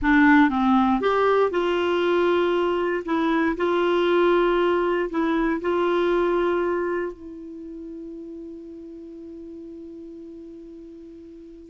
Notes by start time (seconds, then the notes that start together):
0.02 D4
0.49 C4
1.00 G4
1.50 F4
3.05 E4
3.56 F4
5.10 E4
5.61 F4
7.12 E4